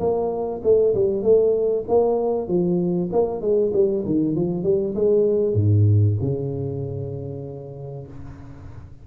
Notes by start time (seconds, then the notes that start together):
0.00 A#3
0.64 A3
0.95 G3
1.23 A3
1.89 A#3
2.48 F3
3.13 A#3
3.41 G#3
3.74 G3
4.06 D#3
4.36 F3
4.64 G3
4.96 G#3
5.54 G#2
6.22 C#3